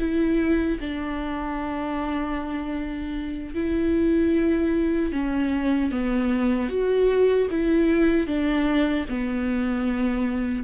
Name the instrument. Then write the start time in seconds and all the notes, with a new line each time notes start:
viola
0.00 E4
0.81 D4
3.55 E4
5.13 C#4
5.92 B3
6.69 F#4
7.51 E4
8.27 D4
9.10 B3